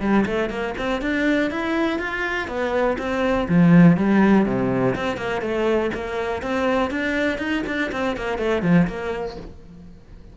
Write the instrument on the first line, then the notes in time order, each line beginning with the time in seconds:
cello
0.00 G3
0.25 A3
0.49 A#3
0.77 C4
1.01 D4
1.50 E4
1.99 F4
2.47 B3
2.98 C4
3.48 F3
3.97 G3
4.45 C3
4.95 C4
5.17 A#3
5.41 A3
5.94 A#3
6.42 C4
6.90 D4
7.38 D#4
7.66 D4
7.92 C4
8.16 A#3
8.38 A3
8.62 F3
8.87 A#3